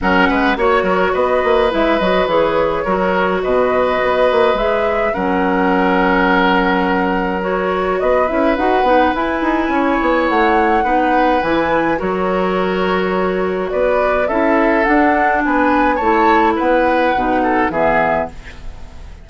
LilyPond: <<
  \new Staff \with { instrumentName = "flute" } { \time 4/4 \tempo 4 = 105 fis''4 cis''4 dis''4 e''8 dis''8 | cis''2 dis''2 | e''4 fis''2.~ | fis''4 cis''4 dis''8 e''8 fis''4 |
gis''2 fis''2 | gis''4 cis''2. | d''4 e''4 fis''4 gis''4 | a''4 fis''2 e''4 | }
  \new Staff \with { instrumentName = "oboe" } { \time 4/4 ais'8 b'8 cis''8 ais'8 b'2~ | b'4 ais'4 b'2~ | b'4 ais'2.~ | ais'2 b'2~ |
b'4 cis''2 b'4~ | b'4 ais'2. | b'4 a'2 b'4 | cis''4 b'4. a'8 gis'4 | }
  \new Staff \with { instrumentName = "clarinet" } { \time 4/4 cis'4 fis'2 e'8 fis'8 | gis'4 fis'2. | gis'4 cis'2.~ | cis'4 fis'4. e'8 fis'8 dis'8 |
e'2. dis'4 | e'4 fis'2.~ | fis'4 e'4 d'2 | e'2 dis'4 b4 | }
  \new Staff \with { instrumentName = "bassoon" } { \time 4/4 fis8 gis8 ais8 fis8 b8 ais8 gis8 fis8 | e4 fis4 b,4 b8 ais8 | gis4 fis2.~ | fis2 b8 cis'8 dis'8 b8 |
e'8 dis'8 cis'8 b8 a4 b4 | e4 fis2. | b4 cis'4 d'4 b4 | a4 b4 b,4 e4 | }
>>